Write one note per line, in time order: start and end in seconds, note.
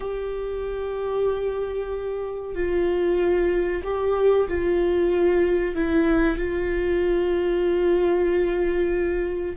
0.00 2.54 G4
2.54 3.82 F4
3.83 4.47 G4
4.48 5.74 F4
5.74 6.37 E4
6.37 9.56 F4